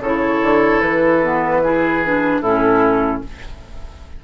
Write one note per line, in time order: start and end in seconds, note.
0.00 0.40 C#3
0.00 1.24 E4
0.00 1.62 A4
0.00 0.81 C#5
0.43 0.81 D3
0.81 2.41 E3
0.81 2.41 B4
1.24 1.64 B3
1.64 2.04 E4
1.64 2.42 G#4
2.05 2.45 D4
2.42 3.22 A2
2.42 3.25 C#4
2.42 3.22 E4
2.42 3.22 A4